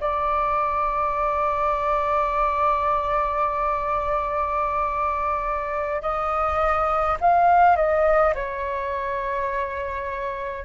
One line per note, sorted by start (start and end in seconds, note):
0.00 6.02 D5
6.02 7.17 D#5
7.21 7.76 F5
7.76 8.34 D#5
8.34 10.65 C#5